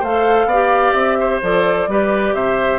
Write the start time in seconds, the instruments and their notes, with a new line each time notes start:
0.00 bassoon A3, clarinet A4, oboe C5, flute F5
0.46 bassoon B3, oboe D5
0.53 clarinet G4
0.93 bassoon C4, flute E5
1.20 oboe C5
1.42 bassoon F3, clarinet A4, flute D5
1.87 bassoon G3, clarinet G4, oboe B4
2.34 bassoon C3, oboe C5, flute E5